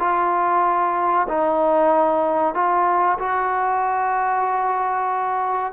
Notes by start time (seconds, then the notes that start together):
0.00 F4
1.29 D#4
2.55 F4
3.19 F#4